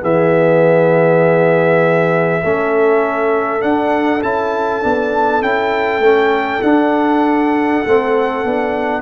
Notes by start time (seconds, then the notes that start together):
0.00 E3 B3 G#4 E5
2.44 A3 C#4 A4
3.60 D4 F#5
4.22 C#4 E4 A5
4.82 B3 D4
5.42 C#4 E4 G5
5.99 A3 C#4
6.62 D4 F#5
7.85 A3 C4
8.44 B3 D4